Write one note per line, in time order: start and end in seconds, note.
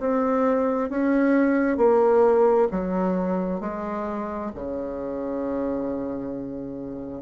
0.00 0.90 C4
0.90 1.77 C#4
1.77 2.68 A#3
2.71 3.60 F#3
3.60 4.51 G#3
4.55 7.22 C#3